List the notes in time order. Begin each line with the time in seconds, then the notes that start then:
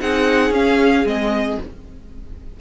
0.00 C4 D#4 G#4 F#5
0.51 C#4 F5
1.05 G#3 C4 D#5